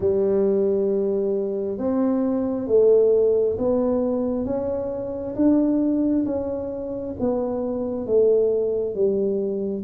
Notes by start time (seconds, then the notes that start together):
0.00 G3
1.77 C4
2.67 A3
3.57 B3
4.45 C#4
5.35 D4
6.25 C#4
7.19 B3
8.06 A3
8.94 G3